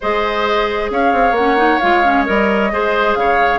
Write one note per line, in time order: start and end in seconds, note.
0.00 0.90 G#3
0.00 1.37 G#4
0.00 0.91 C5
0.00 0.91 D#5
0.90 1.12 C#4
0.90 2.72 C#5
0.90 1.35 F5
1.12 1.31 C4
1.31 1.76 A#3
1.31 1.79 F#5
1.37 1.56 C#4
1.56 1.79 D#4
1.79 2.28 G#3
1.79 2.04 F4
1.79 2.24 F5
2.04 2.25 C#4
2.25 2.72 G3
2.25 2.71 A#4
2.25 3.14 D#5
2.71 3.15 G#3
2.71 3.59 G#4
2.71 3.18 C5
3.14 3.59 C#3
3.14 3.59 C#5
3.14 3.59 F5